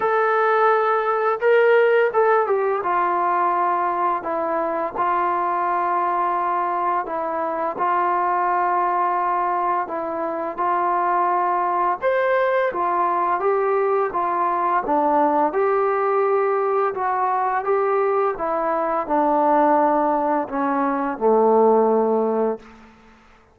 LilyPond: \new Staff \with { instrumentName = "trombone" } { \time 4/4 \tempo 4 = 85 a'2 ais'4 a'8 g'8 | f'2 e'4 f'4~ | f'2 e'4 f'4~ | f'2 e'4 f'4~ |
f'4 c''4 f'4 g'4 | f'4 d'4 g'2 | fis'4 g'4 e'4 d'4~ | d'4 cis'4 a2 | }